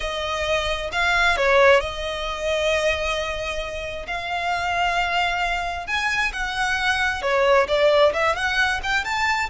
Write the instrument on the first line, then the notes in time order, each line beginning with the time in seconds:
violin
0.00 D#5
0.92 F5
1.36 C#5
1.80 D#5
4.07 F5
5.86 G#5
6.33 F#5
7.22 C#5
7.68 D5
8.13 E5
8.35 F#5
8.83 G5
9.04 A5